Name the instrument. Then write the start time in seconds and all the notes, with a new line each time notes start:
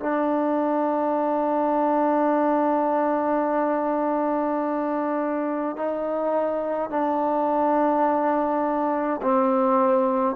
trombone
0.00 D4
5.76 D#4
6.90 D4
9.23 C4